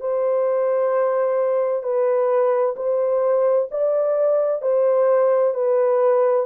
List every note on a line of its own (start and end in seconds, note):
0.00 1.83 C5
1.83 2.75 B4
2.76 3.68 C5
3.71 4.62 D5
4.62 5.54 C5
5.54 6.46 B4